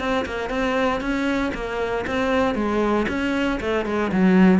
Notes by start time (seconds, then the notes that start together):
0.00 C4
0.26 A#3
0.50 C4
1.01 C#4
1.54 A#3
2.07 C4
2.55 G#3
3.09 C#4
3.61 A3
3.86 G#3
4.12 F#3